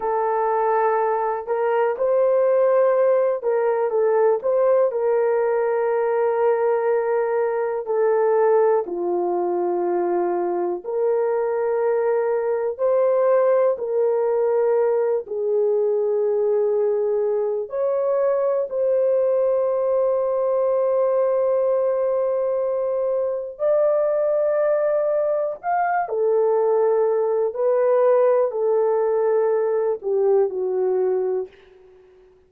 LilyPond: \new Staff \with { instrumentName = "horn" } { \time 4/4 \tempo 4 = 61 a'4. ais'8 c''4. ais'8 | a'8 c''8 ais'2. | a'4 f'2 ais'4~ | ais'4 c''4 ais'4. gis'8~ |
gis'2 cis''4 c''4~ | c''1 | d''2 f''8 a'4. | b'4 a'4. g'8 fis'4 | }